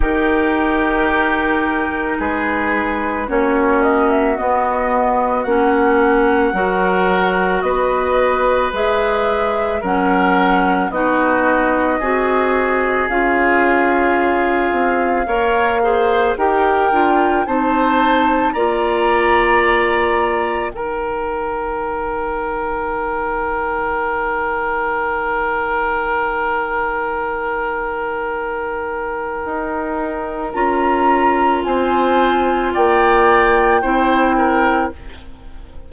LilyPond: <<
  \new Staff \with { instrumentName = "flute" } { \time 4/4 \tempo 4 = 55 ais'2 b'4 cis''8 dis''16 e''16 | dis''4 fis''2 dis''4 | e''4 fis''4 dis''2 | f''2. g''4 |
a''4 ais''2 g''4~ | g''1~ | g''1 | ais''4 gis''4 g''2 | }
  \new Staff \with { instrumentName = "oboe" } { \time 4/4 g'2 gis'4 fis'4~ | fis'2 ais'4 b'4~ | b'4 ais'4 fis'4 gis'4~ | gis'2 cis''8 c''8 ais'4 |
c''4 d''2 ais'4~ | ais'1~ | ais'1~ | ais'4 c''4 d''4 c''8 ais'8 | }
  \new Staff \with { instrumentName = "clarinet" } { \time 4/4 dis'2. cis'4 | b4 cis'4 fis'2 | gis'4 cis'4 dis'4 fis'4 | f'2 ais'8 gis'8 g'8 f'8 |
dis'4 f'2 dis'4~ | dis'1~ | dis'1 | f'2. e'4 | }
  \new Staff \with { instrumentName = "bassoon" } { \time 4/4 dis2 gis4 ais4 | b4 ais4 fis4 b4 | gis4 fis4 b4 c'4 | cis'4. c'8 ais4 dis'8 d'8 |
c'4 ais2 dis4~ | dis1~ | dis2. dis'4 | cis'4 c'4 ais4 c'4 | }
>>